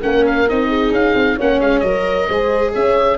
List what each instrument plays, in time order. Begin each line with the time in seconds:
0.00 tuba A#3, viola C#4, horn A#4, oboe F#5
0.26 oboe F5
0.49 tuba C4, viola D#4, oboe D#5
0.68 horn G#4
0.91 tuba C#4, oboe F5
1.15 tuba C4
1.36 tuba A#3, viola C#4, horn C#5, oboe F#5
1.60 tuba G#3, oboe F5
1.80 tuba F#3, viola A#4, oboe D#5
2.28 tuba G#3, viola G#4, horn C5
2.73 tuba C#4, horn C#5, oboe E5